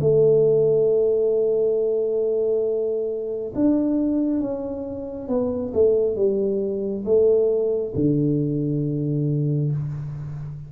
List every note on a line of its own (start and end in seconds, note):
0.00 3.53 A3
3.55 4.40 D4
4.40 5.28 C#4
5.28 5.72 B3
5.74 6.16 A3
6.16 7.04 G3
7.05 7.93 A3
7.95 9.71 D3